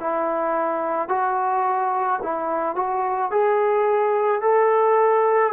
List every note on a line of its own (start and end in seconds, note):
0.00 1.09 E4
1.09 2.20 F#4
2.23 2.76 E4
2.76 3.31 F#4
3.32 4.42 G#4
4.42 5.53 A4